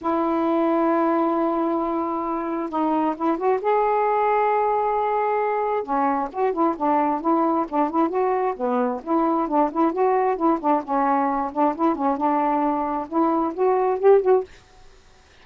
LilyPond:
\new Staff \with { instrumentName = "saxophone" } { \time 4/4 \tempo 4 = 133 e'1~ | e'2 dis'4 e'8 fis'8 | gis'1~ | gis'4 cis'4 fis'8 e'8 d'4 |
e'4 d'8 e'8 fis'4 b4 | e'4 d'8 e'8 fis'4 e'8 d'8 | cis'4. d'8 e'8 cis'8 d'4~ | d'4 e'4 fis'4 g'8 fis'8 | }